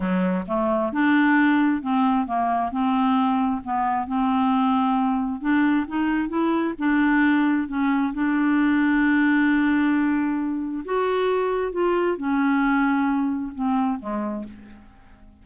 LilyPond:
\new Staff \with { instrumentName = "clarinet" } { \time 4/4 \tempo 4 = 133 fis4 a4 d'2 | c'4 ais4 c'2 | b4 c'2. | d'4 dis'4 e'4 d'4~ |
d'4 cis'4 d'2~ | d'1 | fis'2 f'4 cis'4~ | cis'2 c'4 gis4 | }